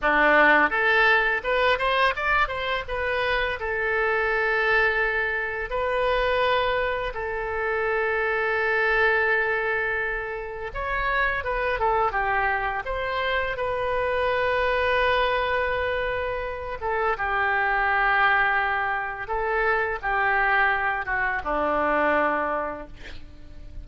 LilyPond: \new Staff \with { instrumentName = "oboe" } { \time 4/4 \tempo 4 = 84 d'4 a'4 b'8 c''8 d''8 c''8 | b'4 a'2. | b'2 a'2~ | a'2. cis''4 |
b'8 a'8 g'4 c''4 b'4~ | b'2.~ b'8 a'8 | g'2. a'4 | g'4. fis'8 d'2 | }